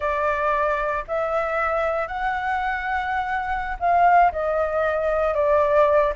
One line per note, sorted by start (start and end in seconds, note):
0.00 1.04 D5
1.07 2.07 E5
2.07 3.77 F#5
3.79 4.31 F5
4.31 5.34 D#5
5.34 6.12 D5